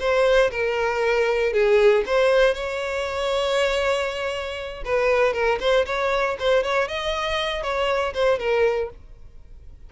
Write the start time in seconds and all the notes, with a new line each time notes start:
0.00 C5
0.51 A#4
1.53 G#4
2.06 C5
2.54 C#5
4.85 B4
5.33 A#4
5.60 C5
5.86 C#5
6.40 C5
6.64 C#5
6.88 D#5
7.63 C#5
8.14 C5
8.39 A#4